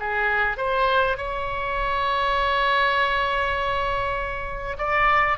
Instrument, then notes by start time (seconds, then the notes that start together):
oboe
0.00 G#4
0.58 C5
1.17 C#5
4.78 D5